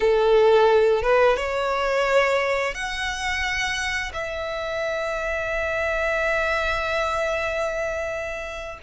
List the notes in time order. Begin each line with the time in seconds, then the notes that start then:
0.00 A4
1.02 B4
1.36 C#5
2.74 F#5
4.13 E5